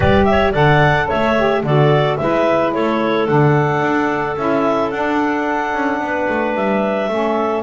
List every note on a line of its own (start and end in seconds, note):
0.00 0.54 G3
0.00 0.53 G4
0.00 0.26 B4
0.00 0.24 D5
0.24 0.52 E5
0.30 0.52 C#5
0.52 1.08 D3
0.52 1.34 A4
0.52 1.07 D5
0.52 1.08 F#5
1.07 1.61 C#5
1.07 1.63 E5
1.13 1.63 A3
1.37 1.64 G4
1.63 2.17 D3
1.63 2.18 F#4
1.63 2.19 A4
1.63 2.17 D5
2.17 2.75 G#3
2.17 3.27 E4
2.17 2.74 B4
2.17 2.71 E5
2.72 3.28 A3
2.72 6.01 A4
2.72 3.27 C#5
3.27 3.81 D3
3.27 4.36 D4
3.27 4.36 F#5
3.81 4.35 D4
4.36 4.91 C#4
4.36 4.91 E4
4.36 4.90 E5
4.90 5.73 D4
4.90 7.10 D4
4.90 6.54 F#5
5.73 6.00 C#4
6.00 6.27 B3
6.00 7.11 B4
6.28 6.55 A3
6.55 7.08 G3
6.55 7.63 E5
7.08 7.63 A3
7.08 7.63 C#4
7.08 7.63 A4